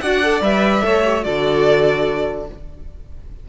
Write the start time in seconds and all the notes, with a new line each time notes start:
0.00 D4 F#4 D5 F#5
0.23 A4
0.41 G3 B4 E5
0.82 A3 A4 C#5
1.05 G4
1.21 D3 F#4 A4 D5